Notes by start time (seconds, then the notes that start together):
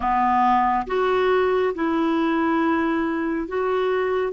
0.00 B3
0.87 F#4
1.74 E4
3.48 F#4